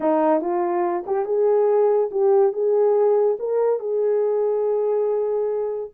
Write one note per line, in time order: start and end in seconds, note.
0.00 0.41 D#4
0.41 1.04 F4
1.06 1.25 G4
1.25 2.10 G#4
2.11 2.52 G4
2.52 3.37 G#4
3.39 3.79 A#4
3.79 5.91 G#4